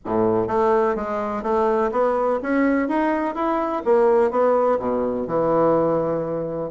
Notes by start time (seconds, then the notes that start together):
0.05 A2
0.47 A3
0.95 G#3
1.42 A3
1.91 B3
2.42 C#4
2.88 D#4
3.34 E4
3.84 A#3
4.30 B3
4.79 B2
5.27 E3